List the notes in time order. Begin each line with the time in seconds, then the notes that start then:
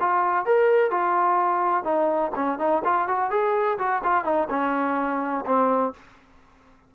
0.00 F4
0.46 A#4
0.91 F4
1.84 D#4
2.35 C#4
2.59 D#4
2.85 F4
3.08 F#4
3.31 G#4
3.79 F#4
4.04 F4
4.24 D#4
4.50 C#4
5.46 C4